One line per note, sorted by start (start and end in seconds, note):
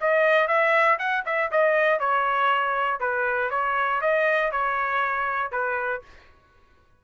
0.00 0.47 D#5
0.47 0.98 E5
0.99 1.24 F#5
1.25 1.50 E5
1.51 1.99 D#5
1.99 3.00 C#5
3.00 3.50 B4
3.50 4.01 C#5
4.01 4.51 D#5
4.51 5.51 C#5
5.51 6.02 B4